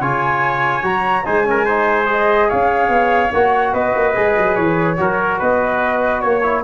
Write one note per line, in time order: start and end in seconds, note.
0.00 0.83 C#3
0.00 0.82 F4
0.00 1.24 C#5
0.00 0.84 G#5
0.82 1.24 F#3
0.82 1.23 F#4
0.82 1.25 A#5
1.24 2.51 G#3
1.24 1.44 D#4
1.24 1.46 C5
1.24 2.08 G#5
1.44 1.65 C#4
1.44 1.65 A#4
1.65 2.05 D#4
1.65 2.48 C5
2.05 3.29 G#4
2.05 2.50 D#5
2.49 2.88 C#4
2.49 3.73 C#5
2.49 3.32 F5
2.88 3.30 B3
3.33 3.73 A#3
3.33 4.14 F#4
3.33 3.73 F#5
3.73 3.94 B3
3.73 4.97 B4
3.73 4.55 D#5
3.95 4.16 A#3
4.14 4.37 G#3
4.14 4.97 G#4
4.37 4.57 F#3
4.55 4.98 E3
4.55 5.38 C#5
4.97 5.40 F#3
4.97 6.41 F#4
4.97 5.39 A#4
5.39 6.23 B3
5.39 6.21 B4
5.39 6.21 D#5
6.21 6.63 A#3
6.21 6.62 C#5
6.21 6.63 C#5
6.42 6.63 E4